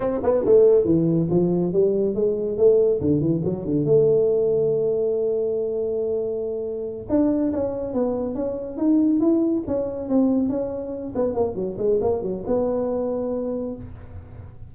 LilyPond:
\new Staff \with { instrumentName = "tuba" } { \time 4/4 \tempo 4 = 140 c'8 b8 a4 e4 f4 | g4 gis4 a4 d8 e8 | fis8 d8 a2.~ | a1~ |
a8 d'4 cis'4 b4 cis'8~ | cis'8 dis'4 e'4 cis'4 c'8~ | c'8 cis'4. b8 ais8 fis8 gis8 | ais8 fis8 b2. | }